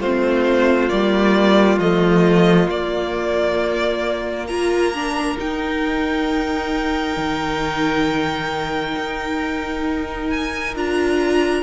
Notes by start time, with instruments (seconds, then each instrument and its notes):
0.00 cello A3, viola C4, violin F4 C5
0.89 cello G3, viola A#3, violin D5
1.79 cello F3, viola A3, violin D#5
2.68 viola A#3, cello A#3, violin D5
4.47 viola F4, violin A#4 A#5
4.94 viola D4
5.38 viola D#4, cello D#4, violin G5
7.17 cello D#3
8.97 cello D#4
10.30 violin G#5
10.76 cello D4, viola F4, violin A#5